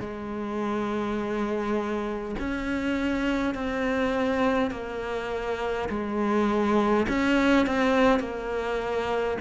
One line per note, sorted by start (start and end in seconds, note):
0.00 2.35 G#3
2.39 3.54 C#4
3.54 4.71 C4
4.71 5.89 A#3
5.89 7.06 G#3
7.09 7.66 C#4
7.66 8.20 C4
8.20 9.37 A#3